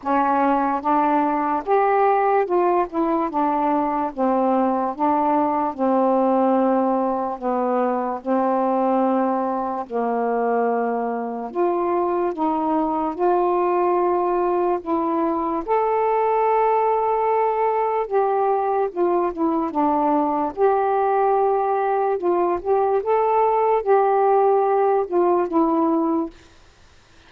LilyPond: \new Staff \with { instrumentName = "saxophone" } { \time 4/4 \tempo 4 = 73 cis'4 d'4 g'4 f'8 e'8 | d'4 c'4 d'4 c'4~ | c'4 b4 c'2 | ais2 f'4 dis'4 |
f'2 e'4 a'4~ | a'2 g'4 f'8 e'8 | d'4 g'2 f'8 g'8 | a'4 g'4. f'8 e'4 | }